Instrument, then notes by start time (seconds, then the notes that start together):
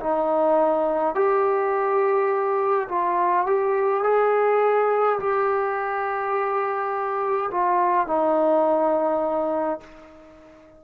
trombone
0.00 D#4
1.15 G4
2.88 F4
3.47 G4
4.04 G#4
5.20 G4
7.51 F4
8.07 D#4